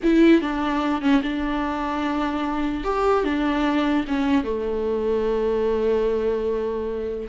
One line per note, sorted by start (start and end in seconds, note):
0.03 0.41 E4
0.41 1.01 D4
1.01 1.21 C#4
1.22 2.84 D4
2.84 3.24 G4
3.24 4.05 D4
4.07 4.44 C#4
4.44 7.28 A3